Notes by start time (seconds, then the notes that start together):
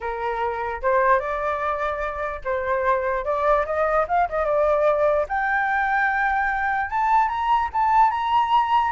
0.00 A#4
0.82 C5
1.19 D5
2.44 C5
3.24 D5
3.65 D#5
4.08 F5
4.29 D#5
4.45 D5
5.28 G5
6.90 A5
7.28 A#5
7.72 A5
8.11 A#5